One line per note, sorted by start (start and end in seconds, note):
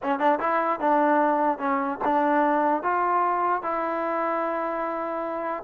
0.03 0.19 C#4
0.19 0.39 D4
0.39 0.79 E4
0.80 1.58 D4
1.58 1.98 C#4
2.04 2.82 D4
2.82 3.62 F4
3.62 5.63 E4